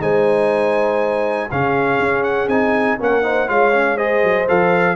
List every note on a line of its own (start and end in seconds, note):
0.00 1.49 G#3
0.00 1.49 D#4
0.00 1.49 C5
0.00 1.50 G#5
1.49 1.99 C#3
1.49 2.49 C#4
1.49 2.98 G#4
1.49 2.23 F5
1.99 2.48 C#4
2.23 2.48 F#5
2.48 2.97 C4
2.48 2.99 D#4
2.48 2.98 G#5
2.99 3.49 A#3
2.99 3.23 C#4
2.99 3.23 A#4
2.99 3.49 F#5
3.23 3.47 D#4
3.23 3.47 C5
3.47 4.23 G#3
3.47 3.72 F4
3.47 3.96 C#5
3.47 3.97 F5
3.73 3.98 C#4
3.96 4.47 G#4
3.96 4.95 C5
3.96 4.47 D#5
4.23 4.48 F#3
4.48 4.96 F3
4.48 4.96 A4
4.48 4.96 F5